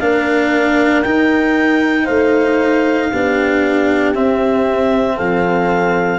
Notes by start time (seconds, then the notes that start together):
0.00 A#3 D4 A#4 F5
1.03 D#4 G5
2.05 A3 C5 F5
3.11 B3 D4 G4
4.15 C4 E5
5.17 F3 A4 F5